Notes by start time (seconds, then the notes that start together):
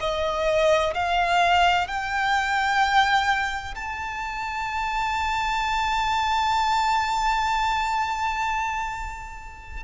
0.00 D#5
0.94 F5
1.87 G5
3.75 A5